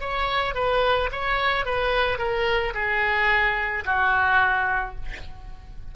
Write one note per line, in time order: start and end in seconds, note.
0.00 0.55 C#5
0.55 1.10 B4
1.12 1.65 C#5
1.65 2.18 B4
2.18 2.73 A#4
2.74 3.84 G#4
3.85 4.95 F#4